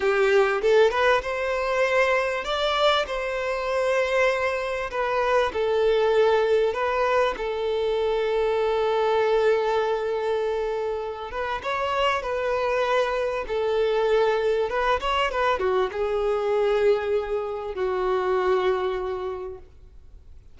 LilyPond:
\new Staff \with { instrumentName = "violin" } { \time 4/4 \tempo 4 = 98 g'4 a'8 b'8 c''2 | d''4 c''2. | b'4 a'2 b'4 | a'1~ |
a'2~ a'8 b'8 cis''4 | b'2 a'2 | b'8 cis''8 b'8 fis'8 gis'2~ | gis'4 fis'2. | }